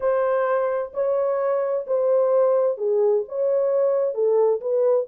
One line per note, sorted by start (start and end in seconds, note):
0.00 0.92 C5
0.93 1.85 C#5
1.87 2.77 C5
2.77 3.23 G#4
3.28 4.14 C#5
4.14 4.60 A4
4.60 5.07 B4